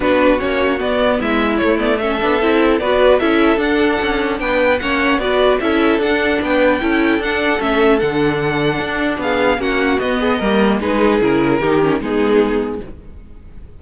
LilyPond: <<
  \new Staff \with { instrumentName = "violin" } { \time 4/4 \tempo 4 = 150 b'4 cis''4 d''4 e''4 | cis''8 d''8 e''2 d''4 | e''4 fis''2 g''4 | fis''4 d''4 e''4 fis''4 |
g''2 fis''4 e''4 | fis''2. f''4 | fis''4 dis''2 b'4 | ais'2 gis'2 | }
  \new Staff \with { instrumentName = "violin" } { \time 4/4 fis'2. e'4~ | e'4 a'2 b'4 | a'2. b'4 | cis''4 b'4 a'2 |
b'4 a'2.~ | a'2. gis'4 | fis'4. gis'8 ais'4 gis'4~ | gis'4 g'4 dis'2 | }
  \new Staff \with { instrumentName = "viola" } { \time 4/4 d'4 cis'4 b2 | a8 b8 cis'8 d'8 e'4 fis'4 | e'4 d'2. | cis'4 fis'4 e'4 d'4~ |
d'4 e'4 d'4 cis'4 | d'1 | cis'4 b4 ais4 dis'4 | e'4 dis'8 cis'8 b2 | }
  \new Staff \with { instrumentName = "cello" } { \time 4/4 b4 ais4 b4 gis4 | a4. b8 c'4 b4 | cis'4 d'4 cis'4 b4 | ais4 b4 cis'4 d'4 |
b4 cis'4 d'4 a4 | d2 d'4 b4 | ais4 b4 g4 gis4 | cis4 dis4 gis2 | }
>>